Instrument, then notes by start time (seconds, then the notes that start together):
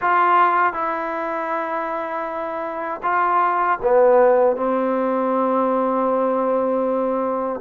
trombone
0.01 F4
0.73 E4
3.02 F4
3.82 B3
4.56 C4